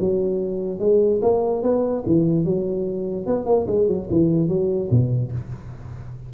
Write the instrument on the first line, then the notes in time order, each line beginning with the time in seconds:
tuba
0.00 F#3
0.80 G#3
1.22 A#3
1.63 B3
2.06 E3
2.45 F#3
3.27 B3
3.47 A#3
3.68 G#3
3.88 F#3
4.11 E3
4.49 F#3
4.91 B2